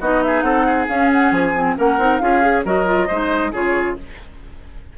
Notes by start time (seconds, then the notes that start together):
0.00 B3 D#4 F#4 D#5
0.23 G#4 E5
0.42 C4 A4 F#5
0.66 G#4
0.88 C#4 F5
1.12 F#5
1.31 F3 G#5
1.54 C4
1.76 A#3 C#4 A#4 F#5
1.98 C4 D#4
2.18 C#4 F4 G#4 F5
2.42 G#4
2.65 F#3 F#4 A#4 D#5
2.86 F4
3.07 G#3 D#4 C5
3.52 C#3 F4 G#4 C#5